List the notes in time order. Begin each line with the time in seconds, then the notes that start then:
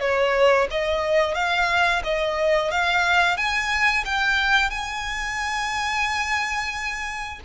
0.00 C#5
0.70 D#5
1.34 F5
2.03 D#5
2.71 F5
3.36 G#5
4.04 G5
4.70 G#5